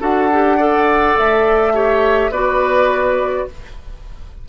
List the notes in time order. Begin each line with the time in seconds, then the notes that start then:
0.00 D4 F#4 A4 F#5
0.32 G4
0.57 A4 D5
1.17 A3 E5
1.73 G4 C#5
2.30 B3 F#4 B4 D5